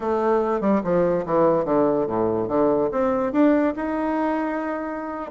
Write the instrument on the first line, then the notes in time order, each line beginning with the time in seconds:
bassoon
0.00 A3
0.60 G3
0.83 F3
1.25 E3
1.65 D3
2.06 A2
2.48 D3
2.91 C4
3.32 D4
3.76 D#4